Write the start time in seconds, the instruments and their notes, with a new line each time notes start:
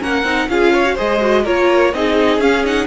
0.00 cello A#3, viola C#4, violin A#4 F#5
0.23 cello C4, viola D#4
0.48 cello C#4, viola F4, violin G#4 F5
0.73 violin C#5
0.85 viola F#4
0.95 cello G#3, viola G#4, violin C5 D#5
1.21 viola F#4
1.44 cello A#3, viola F4, violin A#4 C#5
1.94 cello C4, viola D#4, violin G#4 D#5
2.39 cello C#4, viola C#4, violin F5
2.64 viola D#4, violin F#5